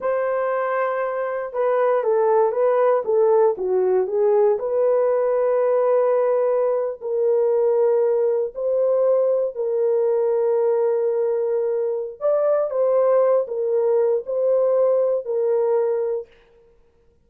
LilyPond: \new Staff \with { instrumentName = "horn" } { \time 4/4 \tempo 4 = 118 c''2. b'4 | a'4 b'4 a'4 fis'4 | gis'4 b'2.~ | b'4.~ b'16 ais'2~ ais'16~ |
ais'8. c''2 ais'4~ ais'16~ | ais'1 | d''4 c''4. ais'4. | c''2 ais'2 | }